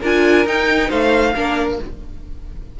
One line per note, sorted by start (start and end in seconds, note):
0.00 0.45 D4
0.00 0.45 F4
0.00 0.88 A#4
0.00 0.47 G#5
0.45 1.33 D#4
0.45 0.90 D#4
0.45 0.90 G5
0.88 1.34 A3
0.88 1.32 C5
0.88 1.78 F5
1.35 1.79 A#3
1.35 1.79 D4
1.35 1.80 A#4